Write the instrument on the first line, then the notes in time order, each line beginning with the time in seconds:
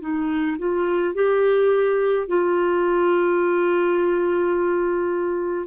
clarinet
0.00 D#4
0.58 F4
1.14 G4
2.27 F4